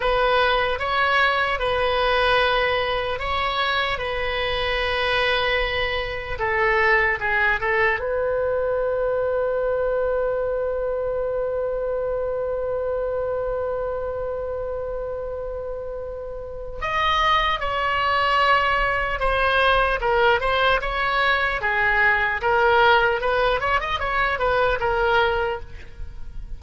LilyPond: \new Staff \with { instrumentName = "oboe" } { \time 4/4 \tempo 4 = 75 b'4 cis''4 b'2 | cis''4 b'2. | a'4 gis'8 a'8 b'2~ | b'1~ |
b'1~ | b'4 dis''4 cis''2 | c''4 ais'8 c''8 cis''4 gis'4 | ais'4 b'8 cis''16 dis''16 cis''8 b'8 ais'4 | }